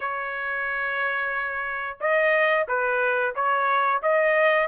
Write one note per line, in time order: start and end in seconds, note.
0.00 1.97 C#5
2.00 2.67 D#5
2.68 3.34 B4
3.35 4.02 C#5
4.02 4.67 D#5